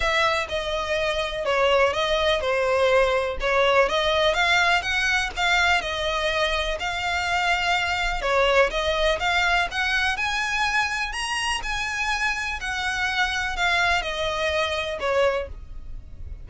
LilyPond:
\new Staff \with { instrumentName = "violin" } { \time 4/4 \tempo 4 = 124 e''4 dis''2 cis''4 | dis''4 c''2 cis''4 | dis''4 f''4 fis''4 f''4 | dis''2 f''2~ |
f''4 cis''4 dis''4 f''4 | fis''4 gis''2 ais''4 | gis''2 fis''2 | f''4 dis''2 cis''4 | }